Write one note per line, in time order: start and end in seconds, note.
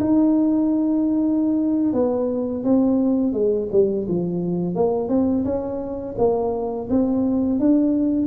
0.00 1.93 D#4
1.93 2.64 B3
2.64 3.33 C4
3.33 3.69 G#3
3.72 4.07 G3
4.09 4.75 F3
4.75 5.09 A#3
5.09 5.44 C4
5.45 6.16 C#4
6.18 6.89 A#3
6.90 7.60 C4
7.60 8.27 D4